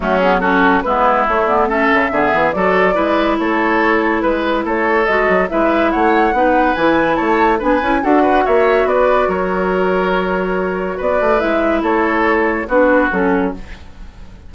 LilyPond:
<<
  \new Staff \with { instrumentName = "flute" } { \time 4/4 \tempo 4 = 142 fis'8 gis'8 a'4 b'4 cis''8 d''8 | e''2 d''2 | cis''2 b'4 cis''4 | dis''4 e''4 fis''2 |
gis''4 a''4 gis''4 fis''4 | e''4 d''4 cis''2~ | cis''2 d''4 e''4 | cis''2 b'4 a'4 | }
  \new Staff \with { instrumentName = "oboe" } { \time 4/4 cis'4 fis'4 e'2 | a'4 gis'4 a'4 b'4 | a'2 b'4 a'4~ | a'4 b'4 cis''4 b'4~ |
b'4 cis''4 b'4 a'8 b'8 | cis''4 b'4 ais'2~ | ais'2 b'2 | a'2 fis'2 | }
  \new Staff \with { instrumentName = "clarinet" } { \time 4/4 a8 b8 cis'4 b4 a8 b8 | cis'4 b4 fis'4 e'4~ | e'1 | fis'4 e'2 dis'4 |
e'2 d'8 e'8 fis'4~ | fis'1~ | fis'2. e'4~ | e'2 d'4 cis'4 | }
  \new Staff \with { instrumentName = "bassoon" } { \time 4/4 fis2 gis4 a4~ | a8 cis8 d8 e8 fis4 gis4 | a2 gis4 a4 | gis8 fis8 gis4 a4 b4 |
e4 a4 b8 cis'8 d'4 | ais4 b4 fis2~ | fis2 b8 a8 gis4 | a2 b4 fis4 | }
>>